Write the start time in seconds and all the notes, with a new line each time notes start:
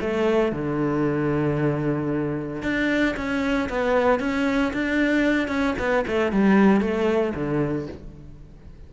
0.00 A3
0.52 D3
2.62 D4
3.16 C#4
3.69 B3
4.19 C#4
4.73 D4
5.48 C#4
5.78 B3
6.07 A3
6.32 G3
6.80 A3
7.34 D3